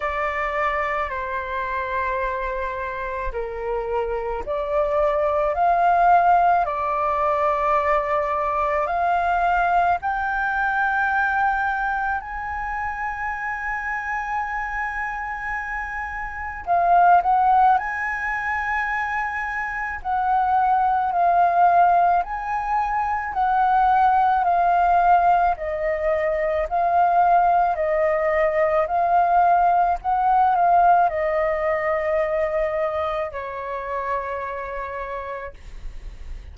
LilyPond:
\new Staff \with { instrumentName = "flute" } { \time 4/4 \tempo 4 = 54 d''4 c''2 ais'4 | d''4 f''4 d''2 | f''4 g''2 gis''4~ | gis''2. f''8 fis''8 |
gis''2 fis''4 f''4 | gis''4 fis''4 f''4 dis''4 | f''4 dis''4 f''4 fis''8 f''8 | dis''2 cis''2 | }